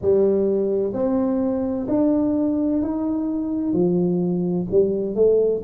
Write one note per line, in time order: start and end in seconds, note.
0.01 0.93 G3
0.93 1.87 C4
1.87 2.81 D4
2.82 3.72 D#4
3.72 4.66 F3
4.70 5.15 G3
5.15 5.62 A3